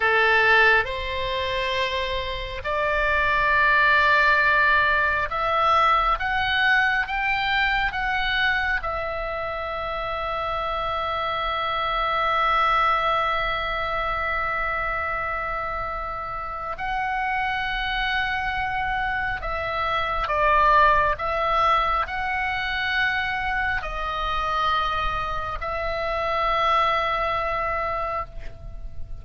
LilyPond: \new Staff \with { instrumentName = "oboe" } { \time 4/4 \tempo 4 = 68 a'4 c''2 d''4~ | d''2 e''4 fis''4 | g''4 fis''4 e''2~ | e''1~ |
e''2. fis''4~ | fis''2 e''4 d''4 | e''4 fis''2 dis''4~ | dis''4 e''2. | }